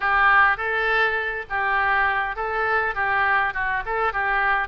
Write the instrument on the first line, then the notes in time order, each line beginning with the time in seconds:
oboe
0.00 G4
0.57 A4
1.49 G4
2.36 A4
2.94 G4
3.53 F#4
3.85 A4
4.13 G4